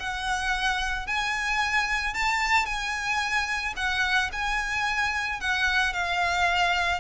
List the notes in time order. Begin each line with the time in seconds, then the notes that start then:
0.00 F#5
1.07 G#5
2.14 A5
2.66 G#5
3.77 F#5
4.33 G#5
5.41 F#5
5.94 F5